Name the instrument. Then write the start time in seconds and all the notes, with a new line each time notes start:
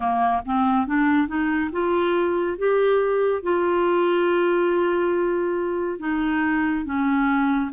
clarinet
0.00 A#3
0.45 C4
0.86 D4
1.27 D#4
1.72 F4
2.58 G4
3.42 F4
5.99 D#4
6.85 C#4